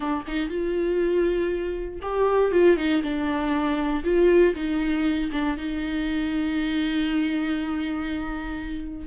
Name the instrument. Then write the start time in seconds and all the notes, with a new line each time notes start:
viola
0.00 D4
0.27 D#4
0.49 F4
2.02 G4
2.51 F4
2.76 D#4
3.02 D4
4.04 F4
4.54 D#4
5.32 D4
5.57 D#4